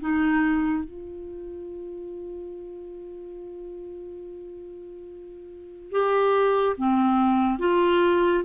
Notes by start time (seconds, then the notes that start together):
0.00 D#4
0.84 F4
5.91 G4
6.77 C4
7.59 F4